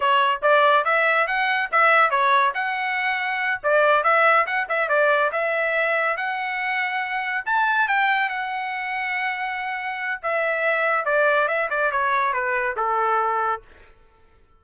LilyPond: \new Staff \with { instrumentName = "trumpet" } { \time 4/4 \tempo 4 = 141 cis''4 d''4 e''4 fis''4 | e''4 cis''4 fis''2~ | fis''8 d''4 e''4 fis''8 e''8 d''8~ | d''8 e''2 fis''4.~ |
fis''4. a''4 g''4 fis''8~ | fis''1 | e''2 d''4 e''8 d''8 | cis''4 b'4 a'2 | }